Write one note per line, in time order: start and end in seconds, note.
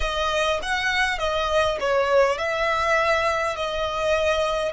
0.00 0.59 D#5
0.62 1.18 F#5
1.18 1.78 D#5
1.80 2.38 C#5
2.38 3.55 E5
3.55 4.73 D#5